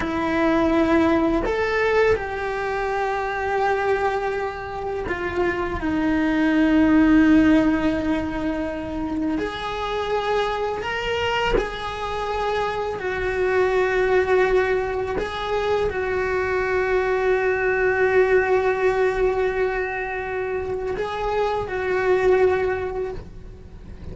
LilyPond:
\new Staff \with { instrumentName = "cello" } { \time 4/4 \tempo 4 = 83 e'2 a'4 g'4~ | g'2. f'4 | dis'1~ | dis'4 gis'2 ais'4 |
gis'2 fis'2~ | fis'4 gis'4 fis'2~ | fis'1~ | fis'4 gis'4 fis'2 | }